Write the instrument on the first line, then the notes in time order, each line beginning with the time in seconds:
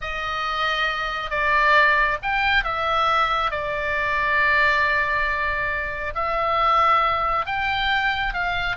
oboe
0.01 D#5
1.30 D5
2.22 G5
2.64 E5
3.51 D5
6.15 E5
7.46 G5
8.33 F5